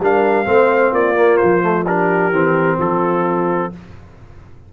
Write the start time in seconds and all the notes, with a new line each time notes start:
0.00 G3 D4 A#4 F5
0.45 A3 C4 C5
0.91 A#3 F4 D5
1.16 A#3
1.37 C5
1.43 F3
1.62 A3
1.86 D4 G4 A#4
2.31 E3 C4
2.79 F3 F4 A4